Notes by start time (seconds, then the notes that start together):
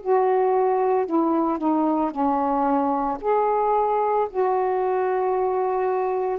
0.00 F#4
1.06 E4
1.58 D#4
2.10 C#4
3.20 G#4
4.30 F#4